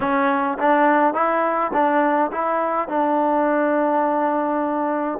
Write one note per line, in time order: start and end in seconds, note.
0.00 0.58 C#4
0.58 1.14 D4
1.14 1.72 E4
1.73 2.31 D4
2.31 2.88 E4
2.88 5.19 D4